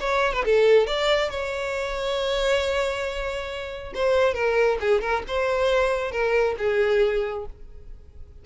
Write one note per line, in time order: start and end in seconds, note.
0.00 0.33 C#5
0.33 0.44 B4
0.45 0.87 A4
0.87 1.30 D5
1.30 3.93 C#5
3.95 4.34 C5
4.34 4.78 A#4
4.80 5.01 G#4
5.01 5.23 A#4
5.27 6.11 C5
6.11 6.55 A#4
6.58 7.46 G#4